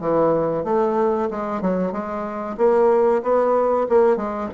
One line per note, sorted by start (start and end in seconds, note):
0.00 0.64 E3
0.64 1.29 A3
1.30 1.61 G#3
1.61 1.92 F#3
1.92 2.57 G#3
2.57 3.22 A#3
3.23 3.87 B3
3.89 4.16 A#3
4.16 4.49 G#3